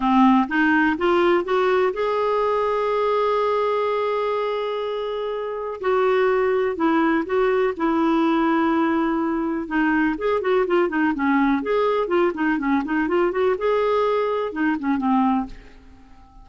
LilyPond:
\new Staff \with { instrumentName = "clarinet" } { \time 4/4 \tempo 4 = 124 c'4 dis'4 f'4 fis'4 | gis'1~ | gis'1 | fis'2 e'4 fis'4 |
e'1 | dis'4 gis'8 fis'8 f'8 dis'8 cis'4 | gis'4 f'8 dis'8 cis'8 dis'8 f'8 fis'8 | gis'2 dis'8 cis'8 c'4 | }